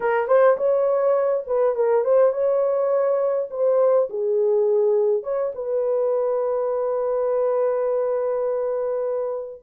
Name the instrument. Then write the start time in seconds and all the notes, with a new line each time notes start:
horn
0.00 A#4
0.27 C5
0.57 C#5
1.46 B4
1.75 A#4
2.04 C5
2.32 C#5
3.50 C5
4.09 G#4
5.23 C#5
5.54 B4